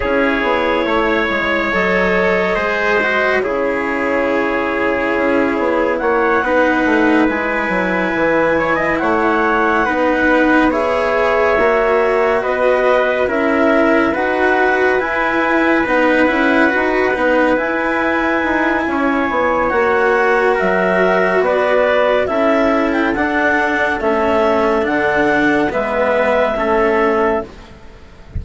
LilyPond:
<<
  \new Staff \with { instrumentName = "clarinet" } { \time 4/4 \tempo 4 = 70 cis''2 dis''2 | cis''2. fis''4~ | fis''8 gis''2 fis''4.~ | fis''8 e''2 dis''4 e''8~ |
e''8 fis''4 gis''4 fis''4.~ | fis''8 gis''2~ gis''8 fis''4 | e''4 d''4 e''8. g''16 fis''4 | e''4 fis''4 e''2 | }
  \new Staff \with { instrumentName = "trumpet" } { \time 4/4 gis'4 cis''2 c''4 | gis'2. cis''8 b'8~ | b'2 cis''16 dis''16 cis''4 b'8~ | b'8 cis''2 b'4 ais'8~ |
ais'8 b'2.~ b'8~ | b'2 cis''2 | ais'4 b'4 a'2~ | a'2 b'4 a'4 | }
  \new Staff \with { instrumentName = "cello" } { \time 4/4 e'2 a'4 gis'8 fis'8 | e'2.~ e'8 dis'8~ | dis'8 e'2. dis'8~ | dis'8 gis'4 fis'2 e'8~ |
e'8 fis'4 e'4 dis'8 e'8 fis'8 | dis'8 e'2~ e'8 fis'4~ | fis'2 e'4 d'4 | cis'4 d'4 b4 cis'4 | }
  \new Staff \with { instrumentName = "bassoon" } { \time 4/4 cis'8 b8 a8 gis8 fis4 gis4 | cis2 cis'8 b8 ais8 b8 | a8 gis8 fis8 e4 a4 b8~ | b4. ais4 b4 cis'8~ |
cis'8 dis'4 e'4 b8 cis'8 dis'8 | b8 e'4 dis'8 cis'8 b8 ais4 | fis4 b4 cis'4 d'4 | a4 d4 gis4 a4 | }
>>